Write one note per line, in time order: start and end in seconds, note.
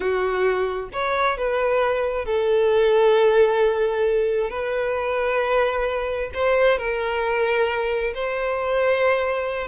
0.00 0.89 F#4
0.92 1.37 C#5
1.37 2.25 B4
2.25 4.49 A4
4.49 6.30 B4
6.33 6.78 C5
6.78 8.13 A#4
8.14 9.67 C5